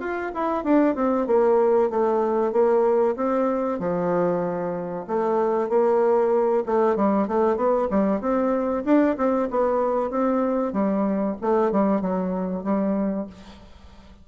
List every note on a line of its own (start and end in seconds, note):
0.00 0.32 F4
0.34 0.64 E4
0.64 0.95 D4
0.95 1.27 C4
1.27 1.90 A#3
1.90 2.52 A3
2.52 3.16 A#3
3.16 3.79 C4
3.79 5.06 F3
5.07 5.69 A3
5.69 6.64 A#3
6.66 6.96 A3
6.96 7.27 G3
7.27 7.56 A3
7.56 7.88 B3
7.90 8.21 G3
8.21 8.84 C4
8.85 9.17 D4
9.17 9.49 C4
9.51 10.10 B3
10.10 10.73 C4
10.73 11.36 G3
11.41 11.72 A3
11.72 12.01 G3
12.01 12.64 F#3
12.64 13.27 G3